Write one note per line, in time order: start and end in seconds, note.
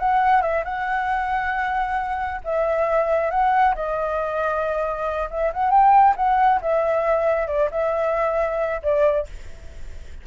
0.00 0.42 F#5
0.42 0.64 E5
0.65 2.42 F#5
2.45 3.31 E5
3.31 3.75 F#5
3.76 5.30 D#5
5.31 5.53 E5
5.54 5.71 F#5
5.71 6.15 G5
6.17 6.61 F#5
6.62 7.48 E5
7.48 7.70 D5
7.72 8.82 E5
8.83 9.27 D5